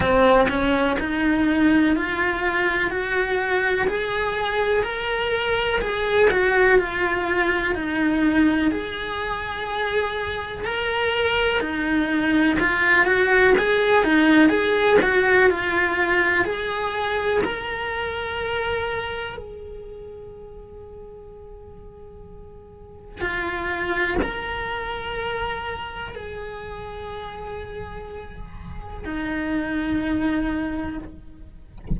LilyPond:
\new Staff \with { instrumentName = "cello" } { \time 4/4 \tempo 4 = 62 c'8 cis'8 dis'4 f'4 fis'4 | gis'4 ais'4 gis'8 fis'8 f'4 | dis'4 gis'2 ais'4 | dis'4 f'8 fis'8 gis'8 dis'8 gis'8 fis'8 |
f'4 gis'4 ais'2 | gis'1 | f'4 ais'2 gis'4~ | gis'2 dis'2 | }